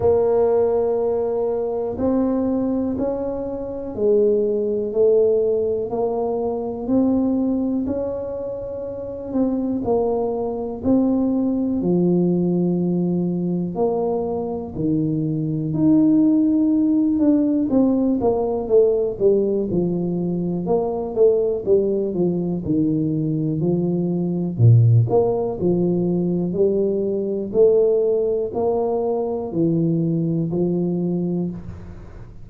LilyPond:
\new Staff \with { instrumentName = "tuba" } { \time 4/4 \tempo 4 = 61 ais2 c'4 cis'4 | gis4 a4 ais4 c'4 | cis'4. c'8 ais4 c'4 | f2 ais4 dis4 |
dis'4. d'8 c'8 ais8 a8 g8 | f4 ais8 a8 g8 f8 dis4 | f4 ais,8 ais8 f4 g4 | a4 ais4 e4 f4 | }